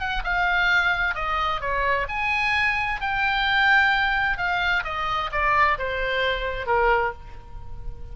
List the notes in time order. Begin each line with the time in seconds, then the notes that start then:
0.00 F#5
0.24 F5
1.15 D#5
1.61 C#5
2.09 G#5
3.01 G5
4.38 F5
4.84 D#5
5.32 D5
5.79 C5
6.67 A#4